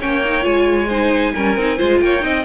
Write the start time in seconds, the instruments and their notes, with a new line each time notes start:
0.00 cello A#3, viola C#4, violin C#5 G5
0.25 viola D#4
0.42 cello G#3, viola F4, violin G#5
0.88 viola D#4, violin C5
1.35 cello G3, viola C#4, violin A#4
1.56 cello C4, viola D#4
1.78 cello G#3, viola F4, violin C5
2.01 cello A#3, violin C#5 G5
2.21 cello C4, viola D#4, violin D#5